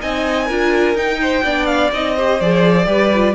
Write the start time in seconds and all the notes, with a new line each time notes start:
0.00 C4 D#4 D#5 G#5
0.45 D4 F4 A#4
0.94 D#4 G5
1.21 C5
1.43 B3 D4 D5
1.66 F5
1.92 C4 D#4 D#5
2.14 G4 C5
2.40 F3 G#4 D5
2.85 G3 G4 B4
3.14 F4